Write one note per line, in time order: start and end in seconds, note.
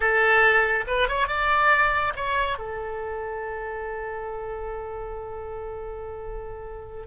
0.00 0.85 A4
0.87 1.08 B4
1.08 1.27 C#5
1.27 2.13 D5
2.16 2.58 C#5
2.58 7.06 A4